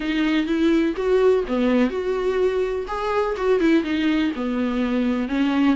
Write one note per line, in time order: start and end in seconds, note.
0.00 0.46 D#4
0.46 0.94 E4
0.96 1.44 F#4
1.47 1.89 B3
1.89 2.85 F#4
2.87 3.35 G#4
3.36 3.60 F#4
3.60 3.83 E4
3.83 4.31 D#4
4.35 5.28 B3
5.28 5.76 C#4